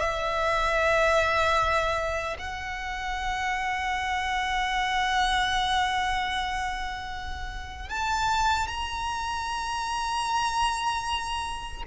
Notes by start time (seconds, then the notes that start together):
0.00 E5
2.39 F#5
7.89 A5
8.67 A#5